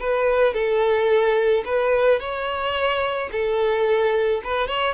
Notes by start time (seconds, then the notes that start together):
0.00 B4
0.54 A4
1.65 B4
2.20 C#5
3.32 A4
4.44 B4
4.68 C#5